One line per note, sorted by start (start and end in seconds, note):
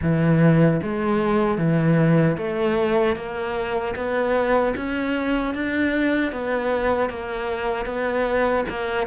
0.01 0.80 E3
0.83 1.58 G#3
1.58 2.36 E3
2.37 3.16 A3
3.16 3.95 A#3
3.95 4.74 B3
4.76 5.54 C#4
5.54 6.32 D4
6.32 7.09 B3
7.09 7.86 A#3
7.86 8.64 B3
8.69 9.06 A#3